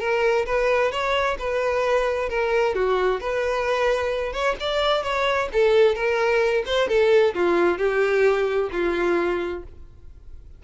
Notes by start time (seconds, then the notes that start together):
0.00 A#4
0.46 B4
0.92 C#5
1.39 B4
2.29 A#4
2.75 F#4
3.21 B4
4.33 C#5
4.60 D5
5.03 C#5
5.53 A4
5.95 A#4
6.66 C5
6.88 A4
7.35 F4
7.78 G4
8.72 F4